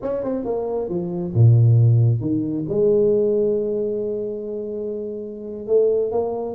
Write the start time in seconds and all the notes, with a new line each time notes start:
0.02 C#4
0.23 C4
0.44 A#3
0.89 F3
1.34 A#2
2.21 D#3
2.68 G#3
5.67 A3
6.11 A#3